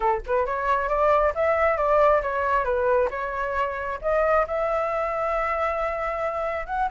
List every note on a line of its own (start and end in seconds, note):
0.00 0.21 A4
0.26 0.46 B4
0.46 0.88 C#5
0.88 1.33 D5
1.34 1.77 E5
1.77 2.21 D5
2.21 2.64 C#5
2.64 3.08 B4
3.10 3.99 C#5
4.01 4.46 D#5
4.47 6.66 E5
6.66 6.88 F#5